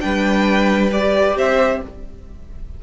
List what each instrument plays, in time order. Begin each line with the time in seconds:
0.00 cello G3, viola D4, violin B4 G5
0.92 viola G4, violin D5
1.36 cello C4, violin C5 E5